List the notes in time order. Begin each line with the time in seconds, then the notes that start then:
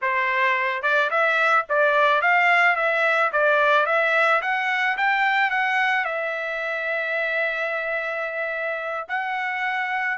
0.01 C5
0.82 D5
1.10 E5
1.69 D5
2.21 F5
2.76 E5
3.32 D5
3.86 E5
4.41 F#5
4.97 G5
5.50 F#5
6.04 E5
9.08 F#5